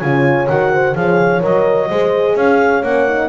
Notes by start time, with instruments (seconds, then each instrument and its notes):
0.00 double bass C#3, horn F4 C#5, clarinet G#5
0.49 double bass D#3, horn F#4, clarinet F#5
0.73 horn C5
0.96 double bass F3, horn G#4 C#5, clarinet F5
1.41 double bass F#3, horn A#4, clarinet D#5
1.89 double bass G#3, horn G#4 C5
2.35 double bass C#4, horn C#5, clarinet F5
2.83 double bass A#3, horn C#4, clarinet F#5
3.07 horn D#4